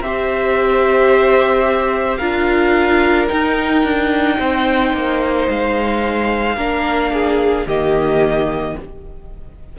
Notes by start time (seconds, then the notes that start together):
0.00 C4 G4 E5
0.06 C5
2.17 D4 F4 A#4 F5
3.29 D#4 G5
3.84 D4
4.39 C4 C5
4.93 A#3
5.49 G#3 F5
6.56 A#3 D4 A#4
7.13 G#4
7.66 D#3 A#3 G4 D#5